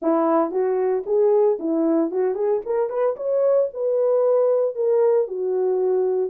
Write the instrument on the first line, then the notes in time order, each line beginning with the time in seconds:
horn
0.01 E4
0.51 F#4
1.06 G#4
1.59 E4
2.11 F#4
2.34 G#4
2.65 A#4
2.89 B4
3.16 C#5
3.73 B4
4.75 A#4
5.27 F#4